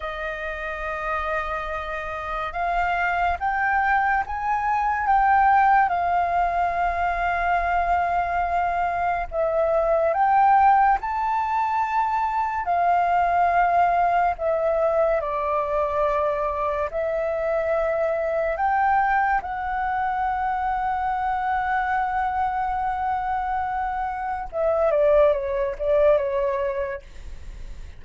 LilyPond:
\new Staff \with { instrumentName = "flute" } { \time 4/4 \tempo 4 = 71 dis''2. f''4 | g''4 gis''4 g''4 f''4~ | f''2. e''4 | g''4 a''2 f''4~ |
f''4 e''4 d''2 | e''2 g''4 fis''4~ | fis''1~ | fis''4 e''8 d''8 cis''8 d''8 cis''4 | }